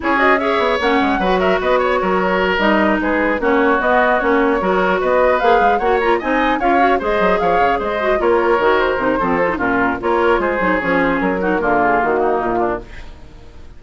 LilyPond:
<<
  \new Staff \with { instrumentName = "flute" } { \time 4/4 \tempo 4 = 150 cis''8 dis''8 e''4 fis''4. e''8 | dis''8 cis''2 dis''4 b'8~ | b'8 cis''4 dis''4 cis''4.~ | cis''8 dis''4 f''4 fis''8 ais''8 gis''8~ |
gis''8 f''4 dis''4 f''4 dis''8~ | dis''8 cis''4. c''2 | ais'4 cis''4 c''4 cis''8 c''8 | ais'4. gis'8 fis'4 f'4 | }
  \new Staff \with { instrumentName = "oboe" } { \time 4/4 gis'4 cis''2 b'8 ais'8 | b'8 cis''8 ais'2~ ais'8 gis'8~ | gis'8 fis'2. ais'8~ | ais'8 b'2 cis''4 dis''8~ |
dis''8 cis''4 c''4 cis''4 c''8~ | c''8 ais'2~ ais'8 a'4 | f'4 ais'4 gis'2~ | gis'8 fis'8 f'4. dis'4 d'8 | }
  \new Staff \with { instrumentName = "clarinet" } { \time 4/4 e'8 fis'8 gis'4 cis'4 fis'4~ | fis'2~ fis'8 dis'4.~ | dis'8 cis'4 b4 cis'4 fis'8~ | fis'4. gis'4 fis'8 f'8 dis'8~ |
dis'8 f'8 fis'8 gis'2~ gis'8 | fis'8 f'4 fis'4 dis'8 c'8 f'16 dis'16 | cis'4 f'4. dis'8 cis'4~ | cis'8 dis'8 ais2. | }
  \new Staff \with { instrumentName = "bassoon" } { \time 4/4 cis'4. b8 ais8 gis8 fis4 | b4 fis4. g4 gis8~ | gis8 ais4 b4 ais4 fis8~ | fis8 b4 ais8 gis8 ais4 c'8~ |
c'8 cis'4 gis8 fis8 f8 cis8 gis8~ | gis8 ais4 dis4 c8 f4 | ais,4 ais4 gis8 fis8 f4 | fis4 d4 dis4 ais,4 | }
>>